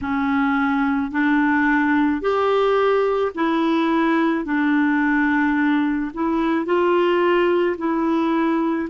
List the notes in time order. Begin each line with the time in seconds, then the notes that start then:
0.01 C#4
1.11 D4
2.21 G4
3.34 E4
4.44 D4
6.14 E4
6.65 F4
7.77 E4